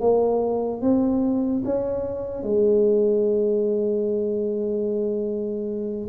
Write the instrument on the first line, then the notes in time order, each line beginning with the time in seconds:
tuba
0.00 A#3
0.81 C4
1.64 C#4
2.43 G#3